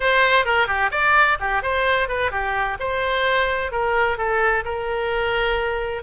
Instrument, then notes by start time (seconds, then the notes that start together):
oboe
0.00 C5
0.45 A#4
0.67 G4
0.91 D5
1.40 G4
1.62 C5
2.08 B4
2.31 G4
2.79 C5
3.71 A#4
4.17 A4
4.64 A#4